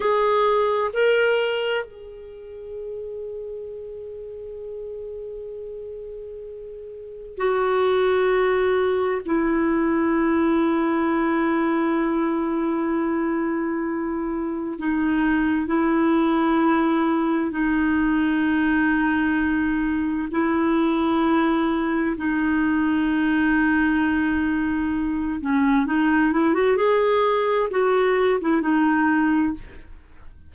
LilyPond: \new Staff \with { instrumentName = "clarinet" } { \time 4/4 \tempo 4 = 65 gis'4 ais'4 gis'2~ | gis'1 | fis'2 e'2~ | e'1 |
dis'4 e'2 dis'4~ | dis'2 e'2 | dis'2.~ dis'8 cis'8 | dis'8 e'16 fis'16 gis'4 fis'8. e'16 dis'4 | }